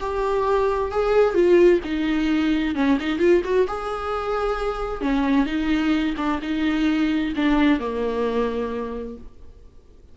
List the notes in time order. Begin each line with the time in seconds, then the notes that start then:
0.00 G4
0.91 G#4
1.34 F4
1.84 D#4
2.75 C#4
3.00 D#4
3.19 F4
3.44 F#4
3.68 G#4
5.01 C#4
5.46 D#4
6.17 D4
6.42 D#4
7.36 D4
7.80 A#3